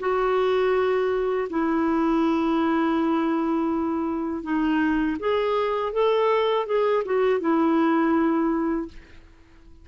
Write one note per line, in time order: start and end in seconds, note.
0.00 1.48 F#4
1.50 4.43 E4
4.43 5.17 D#4
5.20 5.93 G#4
5.93 6.66 A4
6.66 7.03 G#4
7.05 7.40 F#4
7.40 8.88 E4